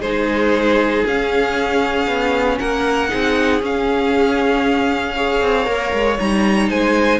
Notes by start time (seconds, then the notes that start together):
0.00 G#3 D#4 G#4 C5
1.06 C#4 F5
2.07 B3
2.59 A#3 A#4 F#5
3.09 C4 D#4 G#4
3.62 C#4 F5
5.16 G#4 C#5
5.41 C4
5.65 A#3 A#4
5.93 G#3
6.19 G3 D#4 A#5
6.69 G#3 C5 G#5